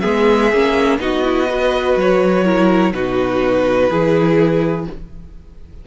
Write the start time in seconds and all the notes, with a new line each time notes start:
0.00 G#3 B3 G#4 E5
0.53 A#3 C#4
0.99 B3 D#4 F#4 D#5
1.22 E4
1.49 F#4 B4
1.97 F#3 C#5
2.45 E4 A#4
2.93 B2 D#4 F#4 B4
3.90 E3 E4 G#4